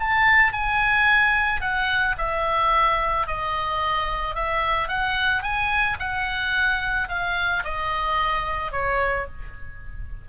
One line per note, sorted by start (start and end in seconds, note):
0.00 0.53 A5
0.53 1.62 G#5
1.62 2.16 F#5
2.18 3.27 E5
3.27 4.35 D#5
4.35 4.88 E5
4.88 5.43 F#5
5.43 5.98 G#5
6.00 7.09 F#5
7.09 7.64 F5
7.65 8.72 D#5
8.72 9.27 C#5